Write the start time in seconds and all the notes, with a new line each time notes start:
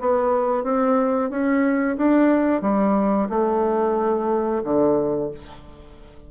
0.00 B3
0.64 C4
1.30 C#4
1.97 D4
2.62 G3
3.29 A3
4.64 D3